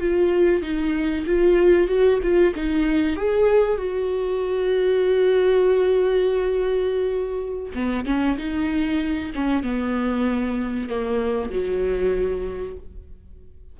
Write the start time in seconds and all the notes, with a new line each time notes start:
0.00 F4
0.62 D#4
1.26 F4
1.88 F#4
2.22 F4
2.55 D#4
3.16 G#4
3.77 F#4
7.75 B3
8.05 C#4
8.38 D#4
9.35 C#4
9.63 B3
10.89 A#3
11.50 F#3